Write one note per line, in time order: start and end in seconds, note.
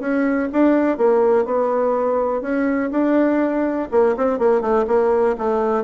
0.00 0.49 C#4
0.52 0.97 D4
0.97 1.45 A#3
1.45 2.41 B3
2.41 2.90 C#4
2.91 3.88 D4
3.91 4.15 A#3
4.17 4.39 C4
4.39 4.61 A#3
4.61 4.85 A3
4.87 5.36 A#3
5.38 5.84 A3